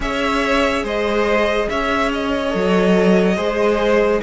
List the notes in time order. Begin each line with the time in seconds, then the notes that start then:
0.00 C#4 G#4 C#5 E5
0.83 G#3 C5 D#5
1.69 C#4 C#5 E5
2.12 D#5
2.50 F#3 A4
3.36 G#3 G#4 C5